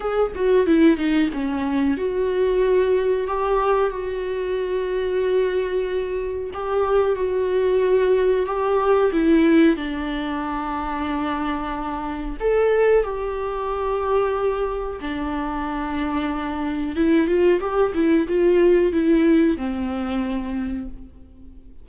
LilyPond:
\new Staff \with { instrumentName = "viola" } { \time 4/4 \tempo 4 = 92 gis'8 fis'8 e'8 dis'8 cis'4 fis'4~ | fis'4 g'4 fis'2~ | fis'2 g'4 fis'4~ | fis'4 g'4 e'4 d'4~ |
d'2. a'4 | g'2. d'4~ | d'2 e'8 f'8 g'8 e'8 | f'4 e'4 c'2 | }